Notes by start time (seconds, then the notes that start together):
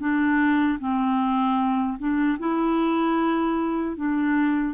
0.00 D4
0.79 C4
1.98 D4
2.39 E4
3.96 D4